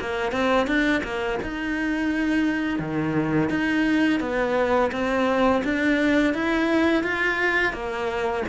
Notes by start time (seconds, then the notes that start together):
0.00 A#3
0.32 C4
0.67 D4
1.03 A#3
1.42 D#4
2.79 D#3
3.50 D#4
4.20 B3
4.92 C4
5.64 D4
6.34 E4
7.04 F4
7.73 A#3